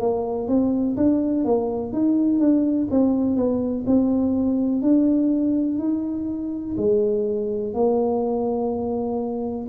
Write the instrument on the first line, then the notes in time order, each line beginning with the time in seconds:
tuba
0.00 A#3
0.48 C4
0.97 D4
1.45 A#3
1.93 D#4
2.40 D4
2.91 C4
3.37 B3
3.87 C4
4.82 D4
5.79 D#4
6.77 G#3
7.74 A#3